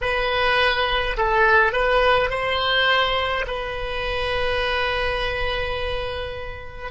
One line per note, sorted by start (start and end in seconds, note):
0.01 1.16 B4
1.17 1.72 A4
1.72 2.30 B4
2.30 3.45 C5
3.47 6.91 B4